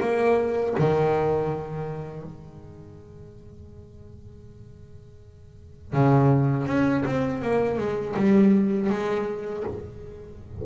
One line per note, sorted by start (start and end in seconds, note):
0.00 0.74 A#3
0.78 2.23 D#3
2.23 5.93 G#3
5.93 6.67 C#3
6.67 7.04 C#4
7.05 7.42 C4
7.42 7.78 A#3
7.78 8.15 G#3
8.16 8.90 G3
8.90 9.64 G#3